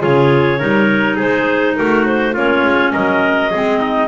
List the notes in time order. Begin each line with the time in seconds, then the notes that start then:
0.00 C#3 F4 G#4 C#5
0.59 G3 D#4 A#4
1.16 G#3 G#4 C5
1.76 A3 F#4 A#4
2.06 C5
2.34 A#3 C#4 F4 C#5
2.64 G#3
2.92 F#3 A#4 D#5
3.50 G#3 C4 G#4
3.81 D#4